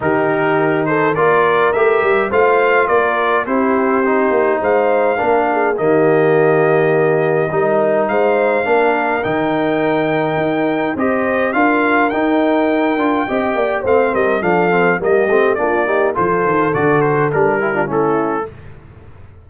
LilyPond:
<<
  \new Staff \with { instrumentName = "trumpet" } { \time 4/4 \tempo 4 = 104 ais'4. c''8 d''4 e''4 | f''4 d''4 c''2 | f''2 dis''2~ | dis''2 f''2 |
g''2. dis''4 | f''4 g''2. | f''8 dis''8 f''4 dis''4 d''4 | c''4 d''8 c''8 ais'4 a'4 | }
  \new Staff \with { instrumentName = "horn" } { \time 4/4 g'4. a'8 ais'2 | c''4 ais'4 g'2 | c''4 ais'8 gis'8 g'2~ | g'4 ais'4 c''4 ais'4~ |
ais'2. c''4 | ais'2. dis''8 d''8 | c''8 ais'8 a'4 g'4 f'8 g'8 | a'2~ a'8 g'16 f'16 e'4 | }
  \new Staff \with { instrumentName = "trombone" } { \time 4/4 dis'2 f'4 g'4 | f'2 e'4 dis'4~ | dis'4 d'4 ais2~ | ais4 dis'2 d'4 |
dis'2. g'4 | f'4 dis'4. f'8 g'4 | c'4 d'8 c'8 ais8 c'8 d'8 dis'8 | f'4 fis'4 d'8 e'16 d'16 cis'4 | }
  \new Staff \with { instrumentName = "tuba" } { \time 4/4 dis2 ais4 a8 g8 | a4 ais4 c'4. ais8 | gis4 ais4 dis2~ | dis4 g4 gis4 ais4 |
dis2 dis'4 c'4 | d'4 dis'4. d'8 c'8 ais8 | a8 g8 f4 g8 a8 ais4 | f8 dis8 d4 g4 a4 | }
>>